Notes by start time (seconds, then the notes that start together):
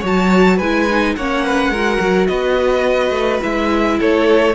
0.00 F#3 F#4 C#5
0.06 A5
0.57 G#3 E4 B4 G#5
0.90 D#4
1.16 A#3 C#4 C#5 F#5
1.45 B4
1.70 G#3 F#4 A#4
2.00 F#3
2.27 B3 B4 D#5
3.10 A3
3.41 G#3 E4 E5
3.99 A3 A4 C#5